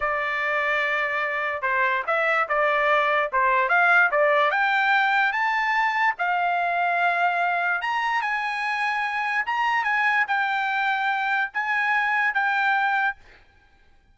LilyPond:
\new Staff \with { instrumentName = "trumpet" } { \time 4/4 \tempo 4 = 146 d''1 | c''4 e''4 d''2 | c''4 f''4 d''4 g''4~ | g''4 a''2 f''4~ |
f''2. ais''4 | gis''2. ais''4 | gis''4 g''2. | gis''2 g''2 | }